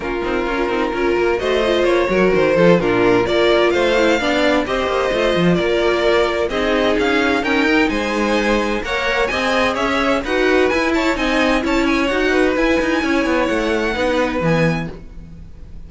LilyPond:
<<
  \new Staff \with { instrumentName = "violin" } { \time 4/4 \tempo 4 = 129 ais'2. dis''4 | cis''4 c''4 ais'4 d''4 | f''2 dis''2 | d''2 dis''4 f''4 |
g''4 gis''2 fis''4 | gis''4 e''4 fis''4 gis''8 a''8 | gis''4 a''8 gis''8 fis''4 gis''4~ | gis''4 fis''2 gis''4 | }
  \new Staff \with { instrumentName = "violin" } { \time 4/4 f'2 ais'4 c''4~ | c''8 ais'4 a'8 f'4 ais'4 | c''4 d''4 c''2 | ais'2 gis'2 |
ais'4 c''2 cis''4 | dis''4 cis''4 b'4. cis''8 | dis''4 cis''4. b'4. | cis''2 b'2 | }
  \new Staff \with { instrumentName = "viola" } { \time 4/4 cis'8 dis'8 f'8 dis'8 f'4 fis'8 f'8~ | f'8 fis'4 f'8 d'4 f'4~ | f'8 e'8 d'4 g'4 f'4~ | f'2 dis'2 |
cis'8 dis'2~ dis'8 ais'4 | gis'2 fis'4 e'4 | dis'4 e'4 fis'4 e'4~ | e'2 dis'4 b4 | }
  \new Staff \with { instrumentName = "cello" } { \time 4/4 ais8 c'8 cis'8 c'8 cis'8 ais8 a4 | ais8 fis8 dis8 f8 ais,4 ais4 | a4 b4 c'8 ais8 a8 f8 | ais2 c'4 cis'4 |
dis'4 gis2 ais4 | c'4 cis'4 dis'4 e'4 | c'4 cis'4 dis'4 e'8 dis'8 | cis'8 b8 a4 b4 e4 | }
>>